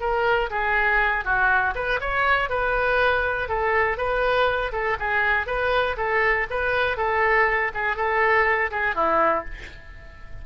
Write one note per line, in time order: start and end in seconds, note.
0.00 0.50 A#4
0.50 1.24 G#4
1.24 1.74 F#4
1.75 2.00 B4
2.00 2.49 C#5
2.49 3.48 B4
3.48 3.97 A4
3.97 4.72 B4
4.72 4.97 A4
4.99 5.46 G#4
5.46 5.96 B4
5.97 6.46 A4
6.50 6.97 B4
6.97 7.71 A4
7.74 7.96 G#4
7.96 8.70 A4
8.71 8.95 G#4
8.95 9.44 E4